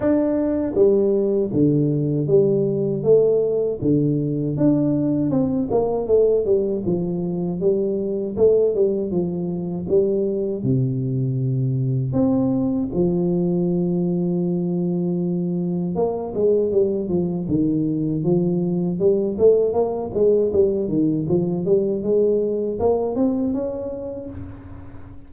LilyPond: \new Staff \with { instrumentName = "tuba" } { \time 4/4 \tempo 4 = 79 d'4 g4 d4 g4 | a4 d4 d'4 c'8 ais8 | a8 g8 f4 g4 a8 g8 | f4 g4 c2 |
c'4 f2.~ | f4 ais8 gis8 g8 f8 dis4 | f4 g8 a8 ais8 gis8 g8 dis8 | f8 g8 gis4 ais8 c'8 cis'4 | }